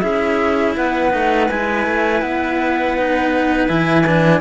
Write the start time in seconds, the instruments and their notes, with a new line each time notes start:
0.00 cello C#4 E4, clarinet G#4, flute E5
0.76 cello B3, clarinet B4, flute F#5
1.11 cello A3 D#4
1.49 cello G#3 E4, flute G#5
1.87 cello A3
2.21 cello B3, flute F#5
2.97 cello D#4
3.68 cello E3 E4, flute G#5
4.06 cello D4